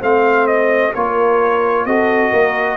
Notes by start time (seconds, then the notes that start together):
0.00 A3 C4 C5 F5
0.47 D#5
0.94 A#3 F4 A#4 C#5
1.85 C4 F#4 A4 D#5
2.30 A#3 A#4